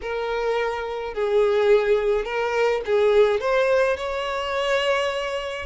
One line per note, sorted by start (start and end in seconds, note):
0.01 1.14 A#4
1.14 2.24 G#4
2.24 2.81 A#4
2.85 3.40 G#4
3.40 3.96 C5
3.96 5.65 C#5